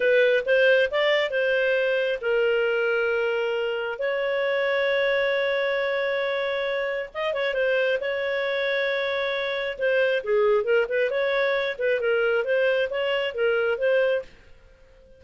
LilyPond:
\new Staff \with { instrumentName = "clarinet" } { \time 4/4 \tempo 4 = 135 b'4 c''4 d''4 c''4~ | c''4 ais'2.~ | ais'4 cis''2.~ | cis''1 |
dis''8 cis''8 c''4 cis''2~ | cis''2 c''4 gis'4 | ais'8 b'8 cis''4. b'8 ais'4 | c''4 cis''4 ais'4 c''4 | }